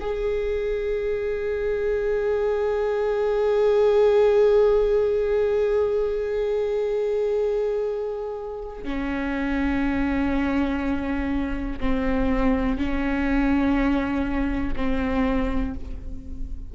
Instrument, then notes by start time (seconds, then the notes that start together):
viola
0.00 G#4
8.84 C#4
11.80 C4
12.77 C#4
14.76 C4